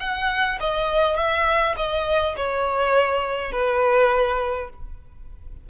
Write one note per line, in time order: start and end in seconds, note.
0.00 0.59 F#5
0.60 1.17 D#5
1.17 1.75 E5
1.76 2.35 D#5
2.37 3.52 C#5
3.52 4.70 B4